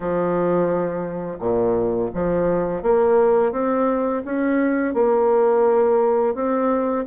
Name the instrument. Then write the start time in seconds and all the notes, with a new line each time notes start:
bassoon
0.00 F3
1.39 A#2
2.14 F3
2.82 A#3
3.52 C4
4.24 C#4
4.94 A#3
6.34 C4